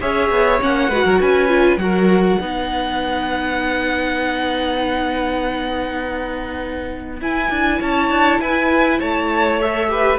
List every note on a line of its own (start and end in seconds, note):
0.00 0.30 C#4
0.00 0.59 G#4
0.00 0.90 C#5
0.00 0.61 E5
0.30 0.60 B3
0.59 0.89 A#3
0.59 0.89 C#4
0.59 1.21 F#5
0.89 1.03 G#3
0.89 1.48 F#4
0.89 1.04 B4
1.05 1.20 F#3
1.05 1.20 A#4
1.20 1.77 C#4
1.20 1.80 B4
1.20 1.79 G#5
1.48 1.78 F4
1.77 2.37 F#3
1.77 2.40 F#4
1.77 2.41 A#4
1.77 7.19 F#5
2.41 7.21 B3
2.41 7.21 D#4
2.41 7.80 B4
7.21 7.50 E4
7.21 9.61 E4
7.21 7.82 G#5
7.50 7.80 D4
7.80 8.10 C#4
7.80 8.40 C#5
7.80 8.41 A5
8.10 8.40 D4
8.40 9.00 E4
8.40 8.99 B4
8.40 9.00 G#5
8.99 10.19 A3
8.99 9.89 C#5
8.99 9.60 A5
9.61 9.89 A4
9.61 10.19 E5
9.89 10.19 G4
9.89 10.19 B4